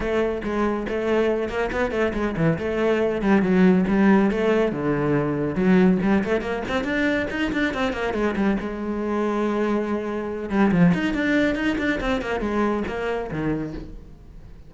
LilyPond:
\new Staff \with { instrumentName = "cello" } { \time 4/4 \tempo 4 = 140 a4 gis4 a4. ais8 | b8 a8 gis8 e8 a4. g8 | fis4 g4 a4 d4~ | d4 fis4 g8 a8 ais8 c'8 |
d'4 dis'8 d'8 c'8 ais8 gis8 g8 | gis1~ | gis8 g8 f8 dis'8 d'4 dis'8 d'8 | c'8 ais8 gis4 ais4 dis4 | }